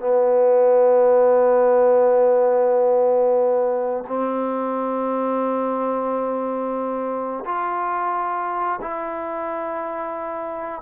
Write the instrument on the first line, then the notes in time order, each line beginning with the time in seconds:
trombone
0.00 B3
4.08 C4
7.46 F4
8.82 E4